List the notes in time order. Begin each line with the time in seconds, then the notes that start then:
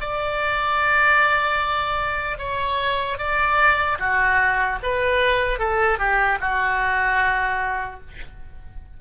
0.00 D5
2.38 C#5
3.18 D5
3.99 F#4
4.83 B4
5.59 A4
5.99 G4
6.41 F#4